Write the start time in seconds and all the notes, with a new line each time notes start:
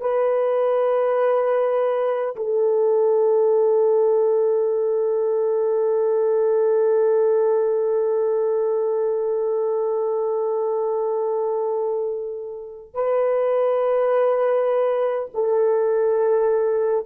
0.00 B4
2.36 A4
12.94 B4
15.34 A4